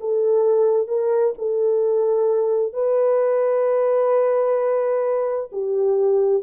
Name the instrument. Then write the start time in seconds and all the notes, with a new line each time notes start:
horn
0.00 A4
0.87 A#4
1.38 A4
2.73 B4
5.52 G4